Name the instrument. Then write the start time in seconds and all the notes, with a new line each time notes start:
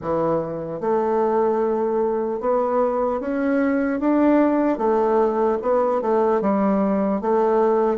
bassoon
0.01 E3
0.80 A3
2.40 B3
3.20 C#4
4.00 D4
4.78 A3
5.62 B3
6.01 A3
6.41 G3
7.21 A3